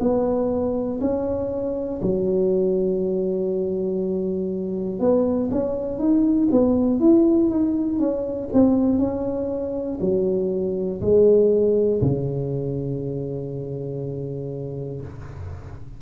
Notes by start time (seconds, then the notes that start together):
0.00 B3
1.01 C#4
2.02 F#3
5.00 B3
5.51 C#4
5.99 D#4
6.51 B3
7.00 E4
7.50 D#4
7.99 C#4
8.53 C4
8.99 C#4
10.00 F#3
11.01 G#3
12.02 C#3